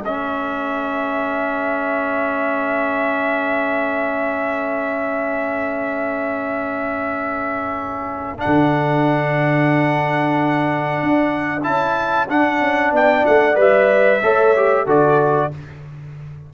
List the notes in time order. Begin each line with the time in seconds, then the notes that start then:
0.00 A3 C#4 A4 E5
8.38 D4 F#5
8.46 D3
11.03 D4
11.63 C#4 E4 A5
12.28 D4 F#5
12.61 C#4
12.92 B3 D5 G5
13.26 A3 F#5
13.55 G3 B4 E5
14.22 A3 A4 C#5
14.56 G4
14.85 D3 F#4 A4 D5